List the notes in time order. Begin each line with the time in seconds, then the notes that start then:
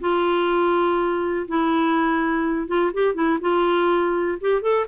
0.00 F4
1.48 E4
2.67 F4
2.93 G4
3.14 E4
3.40 F4
4.41 G4
4.61 A4